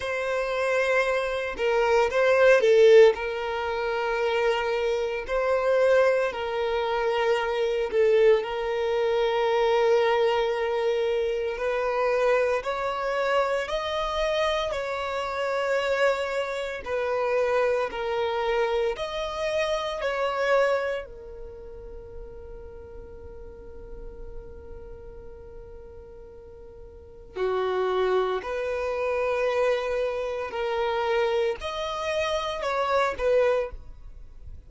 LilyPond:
\new Staff \with { instrumentName = "violin" } { \time 4/4 \tempo 4 = 57 c''4. ais'8 c''8 a'8 ais'4~ | ais'4 c''4 ais'4. a'8 | ais'2. b'4 | cis''4 dis''4 cis''2 |
b'4 ais'4 dis''4 cis''4 | ais'1~ | ais'2 fis'4 b'4~ | b'4 ais'4 dis''4 cis''8 b'8 | }